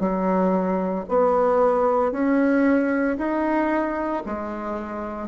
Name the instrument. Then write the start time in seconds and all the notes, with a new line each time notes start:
bassoon
0.00 F#3
1.09 B3
2.12 C#4
3.18 D#4
4.26 G#3